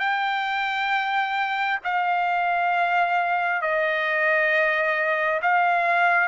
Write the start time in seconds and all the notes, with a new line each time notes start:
0.00 G5
1.84 F5
3.62 D#5
5.42 F5